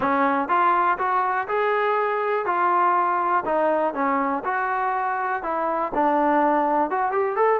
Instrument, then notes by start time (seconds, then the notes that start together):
trombone
0.00 C#4
0.48 F4
0.98 F#4
1.48 G#4
2.45 F4
3.45 D#4
3.94 C#4
4.44 F#4
5.43 E4
5.94 D4
6.90 F#4
7.11 G4
7.36 A4